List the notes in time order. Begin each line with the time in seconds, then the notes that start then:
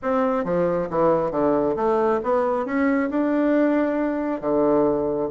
0.02 C4
0.44 F3
0.89 E3
1.31 D3
1.76 A3
2.23 B3
2.65 C#4
3.09 D4
4.40 D3